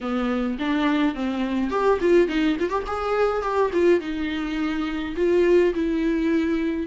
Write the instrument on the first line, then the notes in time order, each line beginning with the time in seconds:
viola
0.01 B3
0.58 D4
1.14 C4
1.70 G4
2.01 F4
2.28 D#4
2.59 F4
2.69 G4
2.86 G#4
3.42 G4
3.73 F4
4.00 D#4
5.16 F4
5.74 E4